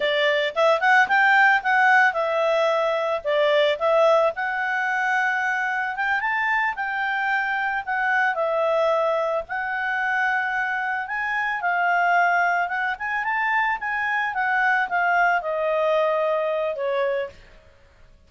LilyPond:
\new Staff \with { instrumentName = "clarinet" } { \time 4/4 \tempo 4 = 111 d''4 e''8 fis''8 g''4 fis''4 | e''2 d''4 e''4 | fis''2. g''8 a''8~ | a''8 g''2 fis''4 e''8~ |
e''4. fis''2~ fis''8~ | fis''8 gis''4 f''2 fis''8 | gis''8 a''4 gis''4 fis''4 f''8~ | f''8 dis''2~ dis''8 cis''4 | }